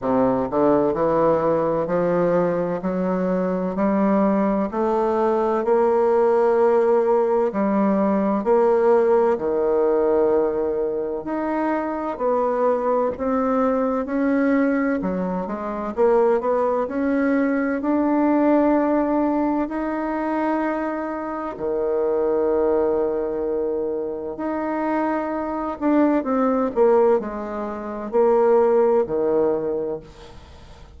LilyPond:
\new Staff \with { instrumentName = "bassoon" } { \time 4/4 \tempo 4 = 64 c8 d8 e4 f4 fis4 | g4 a4 ais2 | g4 ais4 dis2 | dis'4 b4 c'4 cis'4 |
fis8 gis8 ais8 b8 cis'4 d'4~ | d'4 dis'2 dis4~ | dis2 dis'4. d'8 | c'8 ais8 gis4 ais4 dis4 | }